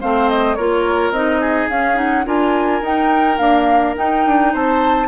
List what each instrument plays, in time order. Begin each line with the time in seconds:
0.00 bassoon A3, clarinet C4, oboe C5, flute F5
0.29 flute D#5
0.55 bassoon A#3, clarinet F4, oboe A#4, flute C#5
1.10 bassoon C4, clarinet D#4, flute D#5
1.40 oboe G#4
1.69 bassoon C#4, clarinet C#4, flute F5
1.95 clarinet D#4, flute F#5
2.25 bassoon D4, clarinet F4, oboe A#4, flute G#5
2.81 bassoon D#4, clarinet D#4, flute G5
3.37 clarinet A#3, bassoon D4, flute F5
3.95 clarinet D#4, bassoon D#4, flute G5
4.25 bassoon D4
4.52 bassoon C4, oboe C5, flute A5